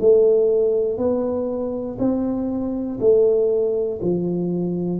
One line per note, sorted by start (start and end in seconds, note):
0.00 0.98 A3
0.98 1.98 B3
1.99 2.99 C4
3.00 4.00 A3
4.02 5.00 F3